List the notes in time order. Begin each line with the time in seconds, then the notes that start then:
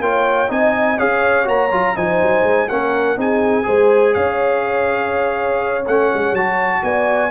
0.00 A#3 F4 C#5 G5
0.48 C4 D#4 D#5 G#5
0.98 C#4 G#4 C#5 F5
1.44 A#3 F#4 A#5
1.71 F#3 F4
1.96 F3 D#4 C5 G#5
2.22 F#3
2.43 G#3
2.69 A#3 C#4 A#4 F#5
3.17 C4 D#4 G#4 G#5
3.63 G#3 G#4 C5
4.14 C#4 C#5 F5
5.87 A3 C#4 F#5
6.14 G#3
6.32 F#3 F#4 A5
6.83 B3 D5 G#5